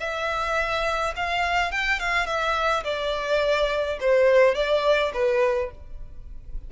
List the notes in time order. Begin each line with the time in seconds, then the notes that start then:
0.00 E5
1.16 F5
1.72 G5
2.00 F5
2.27 E5
2.84 D5
4.01 C5
4.55 D5
5.14 B4